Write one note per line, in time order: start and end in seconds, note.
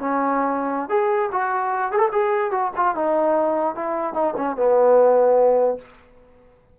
0.00 0.89 C#4
0.89 1.30 G#4
1.32 1.92 F#4
1.92 1.98 G#4
1.98 2.09 A4
2.12 2.51 G#4
2.51 2.71 F#4
2.77 2.95 F4
2.95 3.76 D#4
3.76 4.14 E4
4.14 4.34 D#4
4.37 4.57 C#4
4.57 5.78 B3